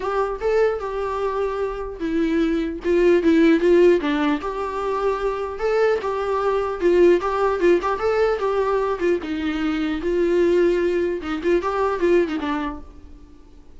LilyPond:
\new Staff \with { instrumentName = "viola" } { \time 4/4 \tempo 4 = 150 g'4 a'4 g'2~ | g'4 e'2 f'4 | e'4 f'4 d'4 g'4~ | g'2 a'4 g'4~ |
g'4 f'4 g'4 f'8 g'8 | a'4 g'4. f'8 dis'4~ | dis'4 f'2. | dis'8 f'8 g'4 f'8. dis'16 d'4 | }